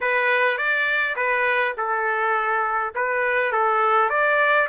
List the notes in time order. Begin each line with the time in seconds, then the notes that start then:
0.00 B4
0.57 D5
1.16 B4
1.77 A4
2.94 B4
3.52 A4
4.09 D5